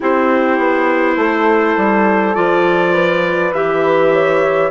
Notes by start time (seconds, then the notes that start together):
0.00 C4 E4 G4 C5
0.58 B3
1.16 A3 A4
1.76 G3
2.34 F3 F4 D5
2.93 B4
3.52 E3 G4 E5
4.12 C#5